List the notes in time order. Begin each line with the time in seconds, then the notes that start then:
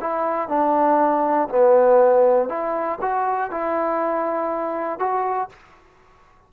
0.00 E4
0.48 D4
1.49 B3
2.48 E4
3.01 F#4
3.50 E4
4.99 F#4